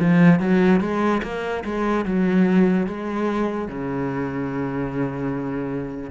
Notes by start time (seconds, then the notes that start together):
0.00 F3
0.40 F#3
0.80 G#3
1.23 A#3
1.64 G#3
2.05 F#3
2.87 G#3
3.68 C#3